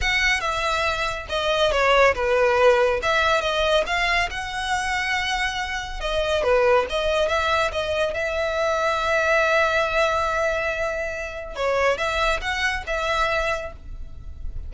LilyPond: \new Staff \with { instrumentName = "violin" } { \time 4/4 \tempo 4 = 140 fis''4 e''2 dis''4 | cis''4 b'2 e''4 | dis''4 f''4 fis''2~ | fis''2 dis''4 b'4 |
dis''4 e''4 dis''4 e''4~ | e''1~ | e''2. cis''4 | e''4 fis''4 e''2 | }